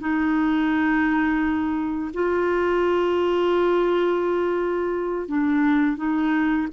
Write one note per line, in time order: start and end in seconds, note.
0.00 2.12 D#4
2.14 5.28 F4
5.28 5.97 D4
5.97 6.68 D#4